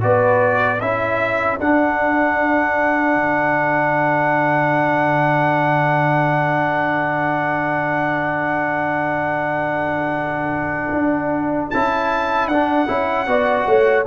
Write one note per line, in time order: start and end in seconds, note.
0.00 0.81 B3
0.00 0.78 F#4
0.00 0.80 B4
0.00 0.80 D5
0.80 1.59 C#4
0.80 1.59 E4
0.80 13.27 A4
0.80 1.58 E5
1.59 3.14 D4
1.59 11.74 D4
1.59 11.70 F#5
3.14 10.93 D3
10.93 11.71 D4
11.70 12.47 C#4
11.70 12.51 E4
11.70 12.48 A5
12.47 12.86 D4
12.47 14.03 F#5
12.53 12.87 D4
12.87 13.27 C#4
12.87 13.26 E4
13.27 13.66 B3
13.27 14.05 F#4
13.27 13.67 D5
13.66 14.05 A3
13.66 14.06 C#5